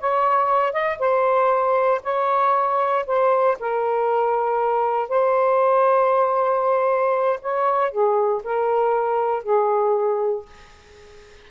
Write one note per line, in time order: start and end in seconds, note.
0.00 0.73 C#5
0.73 0.99 D#5
0.99 2.01 C5
2.03 3.06 C#5
3.06 3.58 C5
3.60 5.09 A#4
5.09 7.39 C5
7.42 7.91 C#5
7.91 8.42 G#4
8.43 9.43 A#4
9.43 10.46 G#4